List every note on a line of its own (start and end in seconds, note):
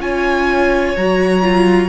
0.00 0.95 C#4
0.00 0.95 F4
0.00 1.88 C#5
0.00 0.97 G#5
0.97 1.88 F#3
0.97 1.42 F#4
0.97 1.88 A#5
1.42 1.88 F4